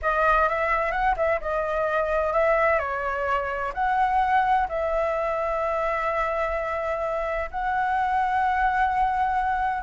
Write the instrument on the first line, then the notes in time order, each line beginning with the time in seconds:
flute
0.02 D#5
0.48 E5
0.91 F#5
1.16 E5
1.40 D#5
2.33 E5
2.78 C#5
3.74 F#5
4.68 E5
7.51 F#5